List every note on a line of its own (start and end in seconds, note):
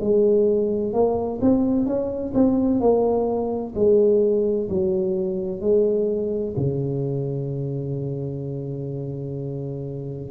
0.00 0.93 G#3
0.93 1.40 A#3
1.41 1.86 C4
1.86 2.33 C#4
2.34 2.80 C4
2.80 3.74 A#3
3.75 4.69 G#3
4.69 5.60 F#3
5.60 6.54 G#3
6.57 10.31 C#3